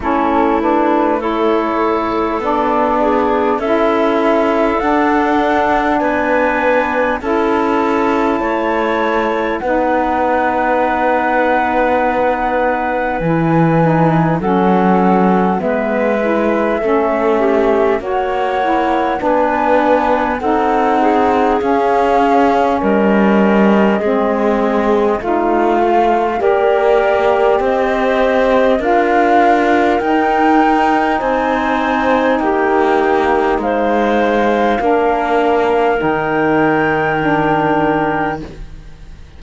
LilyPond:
<<
  \new Staff \with { instrumentName = "flute" } { \time 4/4 \tempo 4 = 50 a'8 b'8 cis''4 d''4 e''4 | fis''4 gis''4 a''2 | fis''2. gis''4 | fis''4 e''2 fis''4 |
gis''4 fis''4 f''4 dis''4~ | dis''4 f''4 d''4 dis''4 | f''4 g''4 gis''4 g''4 | f''2 g''2 | }
  \new Staff \with { instrumentName = "clarinet" } { \time 4/4 e'4 a'4. gis'8 a'4~ | a'4 b'4 a'4 cis''4 | b'1 | a'4 b'4 a'8 g'8 cis''4 |
b'4 a'8 gis'4. ais'4 | gis'4 f'4 ais'4 c''4 | ais'2 c''4 g'4 | c''4 ais'2. | }
  \new Staff \with { instrumentName = "saxophone" } { \time 4/4 cis'8 d'8 e'4 d'4 e'4 | d'2 e'2 | dis'2. e'8 dis'8 | cis'4 b8 e'8 cis'4 fis'8 e'8 |
d'4 dis'4 cis'2 | c'4 dis'8 f'8 g'2 | f'4 dis'2.~ | dis'4 d'4 dis'4 d'4 | }
  \new Staff \with { instrumentName = "cello" } { \time 4/4 a2 b4 cis'4 | d'4 b4 cis'4 a4 | b2. e4 | fis4 gis4 a4 ais4 |
b4 c'4 cis'4 g4 | gis4 a4 ais4 c'4 | d'4 dis'4 c'4 ais4 | gis4 ais4 dis2 | }
>>